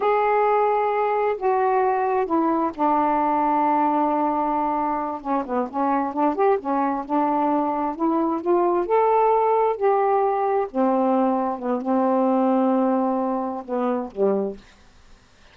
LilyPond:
\new Staff \with { instrumentName = "saxophone" } { \time 4/4 \tempo 4 = 132 gis'2. fis'4~ | fis'4 e'4 d'2~ | d'2.~ d'8 cis'8 | b8 cis'4 d'8 g'8 cis'4 d'8~ |
d'4. e'4 f'4 a'8~ | a'4. g'2 c'8~ | c'4. b8 c'2~ | c'2 b4 g4 | }